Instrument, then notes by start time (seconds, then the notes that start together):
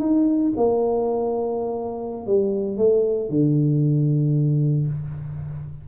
tuba
0.00 D#4
0.57 A#3
2.27 G3
2.78 A3
3.29 D3